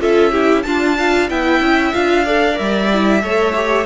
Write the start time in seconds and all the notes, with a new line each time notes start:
0.00 C#4 F4 A4 E5
0.31 E4 G4
0.63 D4 F4 A5
0.97 F4 F5
1.29 B3 E4 E5 G5
1.60 C#4
1.93 D4 F4 F5
2.25 A4 D5
2.54 G3 A#4 E5
2.93 E4
3.22 A3 A4 C#5
3.55 G4